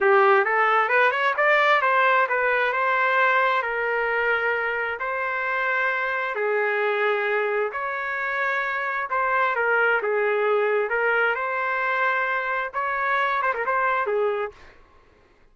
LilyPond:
\new Staff \with { instrumentName = "trumpet" } { \time 4/4 \tempo 4 = 132 g'4 a'4 b'8 cis''8 d''4 | c''4 b'4 c''2 | ais'2. c''4~ | c''2 gis'2~ |
gis'4 cis''2. | c''4 ais'4 gis'2 | ais'4 c''2. | cis''4. c''16 ais'16 c''4 gis'4 | }